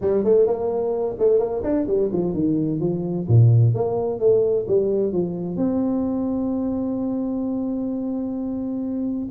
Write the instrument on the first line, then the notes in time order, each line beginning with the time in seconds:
tuba
0.01 G3
0.24 A3
0.47 A#3
1.18 A3
1.39 A#3
1.63 D4
1.87 G3
2.12 F3
2.33 D#3
2.80 F3
3.27 A#2
3.74 A#3
4.19 A3
4.67 G3
5.12 F3
5.56 C4